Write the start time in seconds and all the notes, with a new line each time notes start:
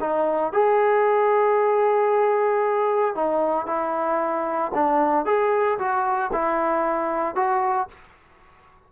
0.00 D#4
0.53 G#4
3.15 D#4
3.67 E4
4.74 D4
5.25 G#4
5.78 F#4
6.33 E4
7.35 F#4